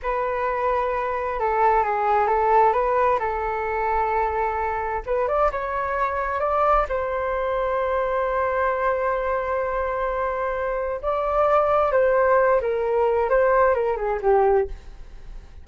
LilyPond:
\new Staff \with { instrumentName = "flute" } { \time 4/4 \tempo 4 = 131 b'2. a'4 | gis'4 a'4 b'4 a'4~ | a'2. b'8 d''8 | cis''2 d''4 c''4~ |
c''1~ | c''1 | d''2 c''4. ais'8~ | ais'4 c''4 ais'8 gis'8 g'4 | }